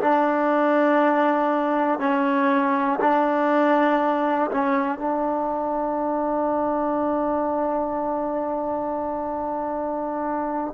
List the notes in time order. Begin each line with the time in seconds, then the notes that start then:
0.00 D4
1.99 C#4
3.00 D4
4.51 C#4
4.98 D4